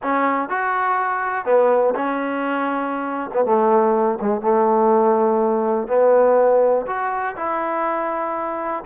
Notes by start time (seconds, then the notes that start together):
0.02 C#4
0.49 F#4
1.45 B3
1.95 C#4
3.33 B3
3.45 A3
4.21 G#3
4.41 A3
5.87 B3
6.86 F#4
7.36 E4